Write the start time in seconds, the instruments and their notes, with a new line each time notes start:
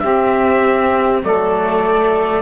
0.00 double bass C4, cello C4, saxophone G4, trumpet E5
1.23 double bass F#3, cello A3, saxophone A4, trumpet D5